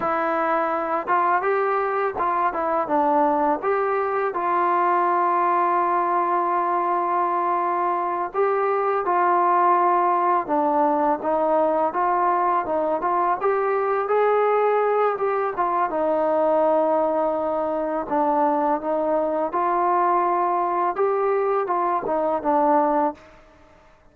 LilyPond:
\new Staff \with { instrumentName = "trombone" } { \time 4/4 \tempo 4 = 83 e'4. f'8 g'4 f'8 e'8 | d'4 g'4 f'2~ | f'2.~ f'8 g'8~ | g'8 f'2 d'4 dis'8~ |
dis'8 f'4 dis'8 f'8 g'4 gis'8~ | gis'4 g'8 f'8 dis'2~ | dis'4 d'4 dis'4 f'4~ | f'4 g'4 f'8 dis'8 d'4 | }